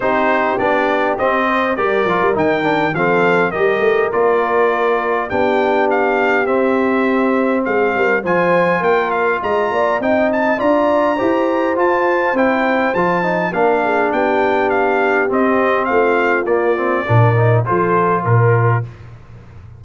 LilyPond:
<<
  \new Staff \with { instrumentName = "trumpet" } { \time 4/4 \tempo 4 = 102 c''4 d''4 dis''4 d''4 | g''4 f''4 dis''4 d''4~ | d''4 g''4 f''4 e''4~ | e''4 f''4 gis''4 g''8 f''8 |
ais''4 g''8 a''8 ais''2 | a''4 g''4 a''4 f''4 | g''4 f''4 dis''4 f''4 | d''2 c''4 ais'4 | }
  \new Staff \with { instrumentName = "horn" } { \time 4/4 g'2~ g'8 c''8 ais'4~ | ais'4 a'4 ais'2~ | ais'4 g'2.~ | g'4 gis'8 ais'8 c''4 ais'4 |
dis''8 d''8 dis''4 d''4 c''4~ | c''2. ais'8 gis'8 | g'2. f'4~ | f'4 ais'4 a'4 ais'4 | }
  \new Staff \with { instrumentName = "trombone" } { \time 4/4 dis'4 d'4 c'4 g'8 f'8 | dis'8 d'8 c'4 g'4 f'4~ | f'4 d'2 c'4~ | c'2 f'2~ |
f'4 dis'4 f'4 g'4 | f'4 e'4 f'8 dis'8 d'4~ | d'2 c'2 | ais8 c'8 d'8 dis'8 f'2 | }
  \new Staff \with { instrumentName = "tuba" } { \time 4/4 c'4 b4 c'4 g8 f16 g16 | dis4 f4 g8 a8 ais4~ | ais4 b2 c'4~ | c'4 gis8 g8 f4 ais4 |
gis8 ais8 c'4 d'4 e'4 | f'4 c'4 f4 ais4 | b2 c'4 a4 | ais4 ais,4 f4 ais,4 | }
>>